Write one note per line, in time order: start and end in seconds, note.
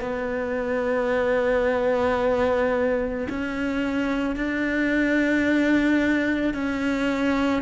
0.00 3.27 B3
3.29 4.35 C#4
4.35 6.54 D4
6.54 7.62 C#4